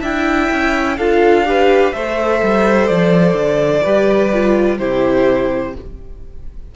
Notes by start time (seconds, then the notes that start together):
0.00 D4 E4 E5 G5
0.51 C#4
0.97 D4 F4 A4 F5
1.45 G4 B4
1.92 A3 A4 C5 E5
2.42 G3
2.87 F3 D5
3.33 D3
3.83 G3 G4 B4
4.33 F4
4.78 C3 E4 G4 C5